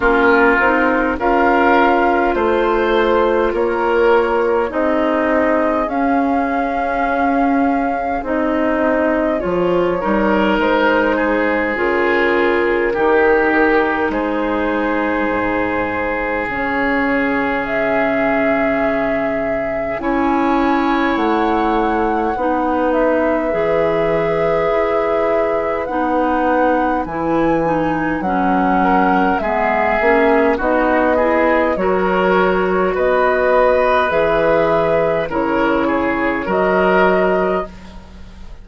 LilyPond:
<<
  \new Staff \with { instrumentName = "flute" } { \time 4/4 \tempo 4 = 51 ais'4 f''4 c''4 cis''4 | dis''4 f''2 dis''4 | cis''4 c''4 ais'2 | c''2 cis''4 e''4~ |
e''4 gis''4 fis''4. e''8~ | e''2 fis''4 gis''4 | fis''4 e''4 dis''4 cis''4 | dis''4 e''4 cis''4 dis''4 | }
  \new Staff \with { instrumentName = "oboe" } { \time 4/4 f'4 ais'4 c''4 ais'4 | gis'1~ | gis'8 ais'4 gis'4. g'4 | gis'1~ |
gis'4 cis''2 b'4~ | b'1~ | b'8 ais'8 gis'4 fis'8 gis'8 ais'4 | b'2 ais'8 gis'8 ais'4 | }
  \new Staff \with { instrumentName = "clarinet" } { \time 4/4 cis'8 dis'8 f'2. | dis'4 cis'2 dis'4 | f'8 dis'4. f'4 dis'4~ | dis'2 cis'2~ |
cis'4 e'2 dis'4 | gis'2 dis'4 e'8 dis'8 | cis'4 b8 cis'8 dis'8 e'8 fis'4~ | fis'4 gis'4 e'4 fis'4 | }
  \new Staff \with { instrumentName = "bassoon" } { \time 4/4 ais8 c'8 cis'4 a4 ais4 | c'4 cis'2 c'4 | f8 g8 gis4 cis4 dis4 | gis4 gis,4 cis2~ |
cis4 cis'4 a4 b4 | e4 e'4 b4 e4 | fis4 gis8 ais8 b4 fis4 | b4 e4 cis4 fis4 | }
>>